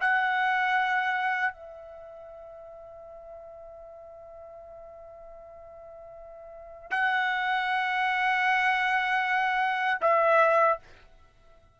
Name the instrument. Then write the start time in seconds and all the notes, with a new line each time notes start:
trumpet
0.00 F#5
1.53 E5
6.91 F#5
10.01 E5